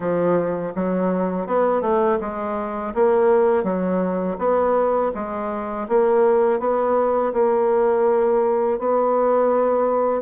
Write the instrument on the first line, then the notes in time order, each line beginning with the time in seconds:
bassoon
0.00 F3
0.75 F#3
1.46 B3
1.81 A3
2.20 G#3
2.94 A#3
3.63 F#3
4.38 B3
5.14 G#3
5.88 A#3
6.59 B3
7.33 A#3
8.78 B3